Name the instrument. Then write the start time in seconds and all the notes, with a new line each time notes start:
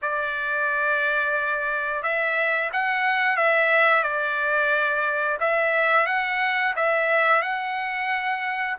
trumpet
0.02 D5
2.02 E5
2.72 F#5
3.36 E5
4.03 D5
5.39 E5
6.06 F#5
6.75 E5
7.42 F#5